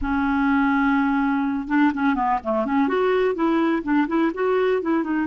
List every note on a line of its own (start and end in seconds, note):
0.01 1.68 C#4
1.68 1.92 D4
1.93 2.15 C#4
2.15 2.39 B3
2.43 2.65 A3
2.65 2.88 C#4
2.88 3.35 F#4
3.35 3.83 E4
3.83 4.07 D4
4.07 4.31 E4
4.34 4.82 F#4
4.82 5.03 E4
5.03 5.26 D#4